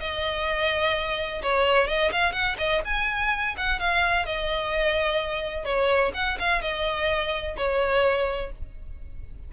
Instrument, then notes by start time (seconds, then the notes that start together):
violin
0.00 D#5
1.42 C#5
1.87 D#5
2.12 F5
2.32 F#5
2.58 D#5
2.85 G#5
3.57 F#5
3.80 F5
4.26 D#5
5.65 C#5
6.14 F#5
6.39 F5
6.61 D#5
7.57 C#5